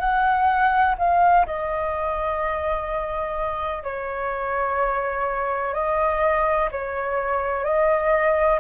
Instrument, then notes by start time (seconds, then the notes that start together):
flute
0.00 F#5
0.98 F5
1.46 D#5
3.84 C#5
5.74 D#5
6.72 C#5
7.65 D#5